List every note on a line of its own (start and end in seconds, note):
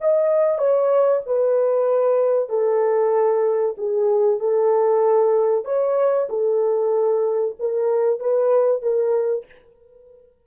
0.00 0.58 D#5
0.58 1.21 C#5
1.26 2.49 B4
2.49 3.75 A4
3.77 4.39 G#4
4.39 5.64 A4
5.64 6.28 C#5
6.29 7.55 A4
7.59 8.19 A#4
8.19 8.82 B4
8.82 9.45 A#4